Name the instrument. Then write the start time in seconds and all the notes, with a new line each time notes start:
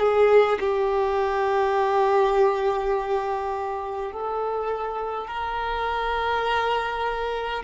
violin
0.00 G#4
0.60 G4
4.12 A4
5.28 A#4